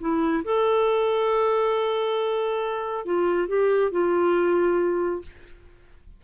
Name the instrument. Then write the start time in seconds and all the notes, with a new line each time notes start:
clarinet
0.00 E4
0.44 A4
3.05 F4
3.48 G4
3.92 F4